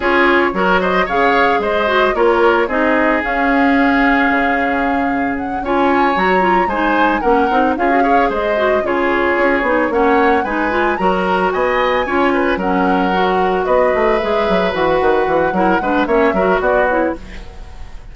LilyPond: <<
  \new Staff \with { instrumentName = "flute" } { \time 4/4 \tempo 4 = 112 cis''4. dis''8 f''4 dis''4 | cis''4 dis''4 f''2~ | f''2 fis''8 gis''4 ais''8~ | ais''8 gis''4 fis''4 f''4 dis''8~ |
dis''8 cis''2 fis''4 gis''8~ | gis''8 ais''4 gis''2 fis''8~ | fis''4. dis''4 e''4 fis''8~ | fis''2 e''4 d''8 cis''8 | }
  \new Staff \with { instrumentName = "oboe" } { \time 4/4 gis'4 ais'8 c''8 cis''4 c''4 | ais'4 gis'2.~ | gis'2~ gis'8 cis''4.~ | cis''8 c''4 ais'4 gis'8 cis''8 c''8~ |
c''8 gis'2 cis''4 b'8~ | b'8 ais'4 dis''4 cis''8 b'8 ais'8~ | ais'4. b'2~ b'8~ | b'4 ais'8 b'8 cis''8 ais'8 fis'4 | }
  \new Staff \with { instrumentName = "clarinet" } { \time 4/4 f'4 fis'4 gis'4. fis'8 | f'4 dis'4 cis'2~ | cis'2~ cis'8 f'4 fis'8 | f'8 dis'4 cis'8 dis'8 f'16 fis'16 gis'4 |
fis'8 f'4. dis'8 cis'4 dis'8 | f'8 fis'2 f'4 cis'8~ | cis'8 fis'2 gis'4 fis'8~ | fis'4 e'8 d'8 cis'8 fis'4 e'8 | }
  \new Staff \with { instrumentName = "bassoon" } { \time 4/4 cis'4 fis4 cis4 gis4 | ais4 c'4 cis'2 | cis2~ cis8 cis'4 fis8~ | fis8 gis4 ais8 c'8 cis'4 gis8~ |
gis8 cis4 cis'8 b8 ais4 gis8~ | gis8 fis4 b4 cis'4 fis8~ | fis4. b8 a8 gis8 fis8 e8 | dis8 e8 fis8 gis8 ais8 fis8 b4 | }
>>